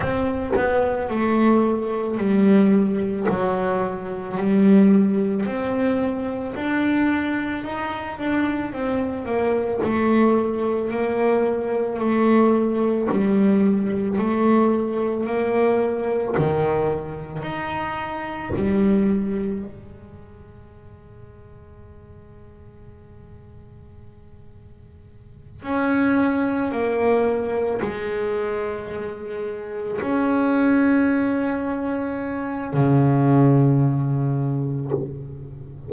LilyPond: \new Staff \with { instrumentName = "double bass" } { \time 4/4 \tempo 4 = 55 c'8 b8 a4 g4 fis4 | g4 c'4 d'4 dis'8 d'8 | c'8 ais8 a4 ais4 a4 | g4 a4 ais4 dis4 |
dis'4 g4 gis2~ | gis2.~ gis8 cis'8~ | cis'8 ais4 gis2 cis'8~ | cis'2 cis2 | }